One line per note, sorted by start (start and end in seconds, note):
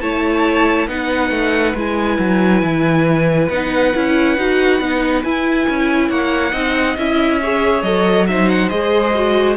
0.00 0.87 A3
0.00 0.88 E4
0.00 0.89 C#5
0.00 0.87 A5
0.87 1.30 B3
0.87 1.75 D#4
0.87 6.09 B4
0.87 1.76 F#5
1.30 1.73 A3
1.74 2.17 G#3
1.74 3.50 E4
1.74 3.49 G#5
2.18 2.62 F#3
2.62 3.49 E3
3.49 3.93 B3
3.49 3.94 D#4
3.49 5.22 F#5
3.94 4.37 C#4
3.94 4.37 E4
4.37 4.80 D#4
4.37 4.81 F#4
4.80 5.23 B3
4.80 5.24 D#4
5.23 6.52 E4
5.23 5.67 E4
5.23 6.09 G#5
5.69 6.09 C#4
6.09 6.52 A#3
6.09 6.52 C#5
6.09 6.96 F#5
6.52 6.96 C4
6.52 6.95 D#4
6.52 7.39 D#5
6.97 7.82 C#4
6.97 7.41 E4
6.97 7.82 E5
7.41 7.84 G#4
7.41 8.28 C#5
7.82 8.69 F#3
7.82 8.27 A4
7.82 8.25 D#5
8.27 8.70 D#4
8.27 9.56 C5
8.27 8.48 E5
8.48 8.69 F#5
8.69 9.56 G#3
8.69 9.13 G#4
8.69 9.56 D#5
9.14 9.56 F#4